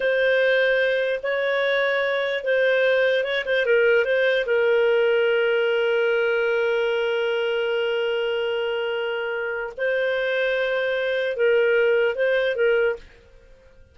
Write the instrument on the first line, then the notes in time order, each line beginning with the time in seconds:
clarinet
0.00 C5
1.23 C#5
2.43 C5
3.24 C#5
3.45 C5
3.65 A#4
4.04 C5
4.46 A#4
9.77 C5
11.36 A#4
12.15 C5
12.55 A#4